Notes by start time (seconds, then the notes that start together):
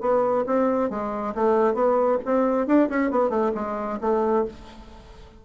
0.00 B3
0.46 C4
0.90 G#3
1.35 A3
1.74 B3
2.25 C4
2.67 D4
2.89 C#4
3.11 B3
3.29 A3
3.55 G#3
4.01 A3